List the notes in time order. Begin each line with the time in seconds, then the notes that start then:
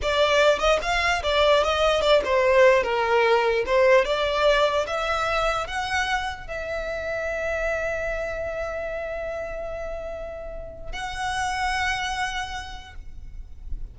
0.02 D5
0.59 D#5
0.81 F5
1.23 D5
1.63 D#5
2.01 D5
2.24 C5
2.83 A#4
3.66 C5
4.04 D5
4.86 E5
5.67 F#5
6.47 E5
10.92 F#5